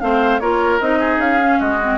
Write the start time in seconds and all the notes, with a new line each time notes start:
0.00 A3 C4 C5 F5
0.39 A#3 F4 A#4 C#5
0.80 C4 D#4 D#5
0.99 G#4
1.18 C#4 F5
1.40 C#4
1.59 G#3 F#4 D#5
1.82 C4